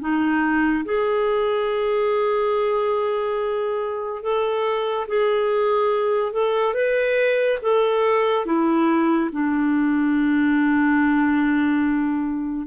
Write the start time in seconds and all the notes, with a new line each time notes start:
0.00 D#4
0.85 G#4
4.22 A4
5.08 G#4
6.32 A4
6.74 B4
7.62 A4
8.45 E4
9.32 D4